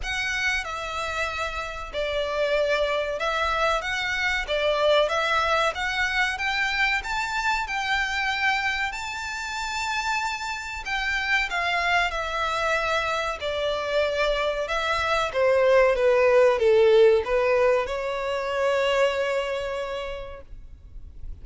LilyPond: \new Staff \with { instrumentName = "violin" } { \time 4/4 \tempo 4 = 94 fis''4 e''2 d''4~ | d''4 e''4 fis''4 d''4 | e''4 fis''4 g''4 a''4 | g''2 a''2~ |
a''4 g''4 f''4 e''4~ | e''4 d''2 e''4 | c''4 b'4 a'4 b'4 | cis''1 | }